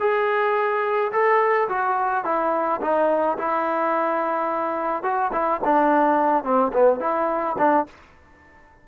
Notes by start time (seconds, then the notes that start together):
0.00 G#4
1.13 A4
1.69 F#4
2.25 E4
2.82 D#4
3.38 E4
5.03 F#4
5.33 E4
5.65 D4
6.44 C4
6.73 B3
7.00 E4
7.58 D4